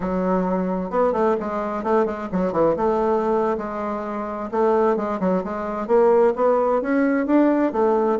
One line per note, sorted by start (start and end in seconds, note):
0.00 0.90 F#3
0.90 1.13 B3
1.13 1.36 A3
1.40 1.83 G#3
1.83 2.05 A3
2.05 2.28 G#3
2.32 2.52 F#3
2.52 2.75 E3
2.76 3.57 A3
3.57 4.50 G#3
4.51 4.96 A3
4.96 5.19 G#3
5.20 5.43 F#3
5.43 5.87 G#3
5.87 6.33 A#3
6.35 6.81 B3
6.81 7.26 C#4
7.26 7.72 D4
7.72 8.18 A3